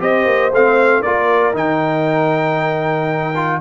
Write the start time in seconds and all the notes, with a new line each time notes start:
0.00 C4 G4 C5 D#5
0.26 A#3
0.52 A3 C4 F5
1.02 A#3 F4 A#4 D5
1.53 D#3 D#4 G5
3.36 F4